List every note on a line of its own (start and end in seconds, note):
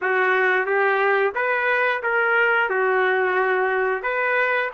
0.01 0.66 F#4
0.66 1.33 G4
1.35 2.02 B4
2.03 2.69 A#4
2.69 4.02 F#4
4.02 4.70 B4